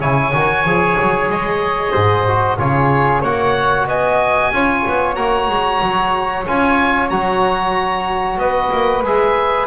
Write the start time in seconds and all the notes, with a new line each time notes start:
0.00 C#3 E4 C#5 G#5
0.33 D#3 F#4
0.64 F3 G#4
1.00 F#3
1.29 G#3 D#5
1.92 G#2 C5
2.27 F#4
2.58 C#3 F4 G#4 C#5
3.21 A#3 F#4 C#5 F#5
3.86 B3 D#5 G#5
4.52 C#4 F4 C#5
4.88 B3
5.15 A#3 F#4 A#5
5.48 G#3
5.81 F#3
6.47 C#4 F4 G#5
7.10 F#3 F#4 A#5
8.38 B3 B4 D#5
8.72 A#3
9.02 G#3 G#4 E5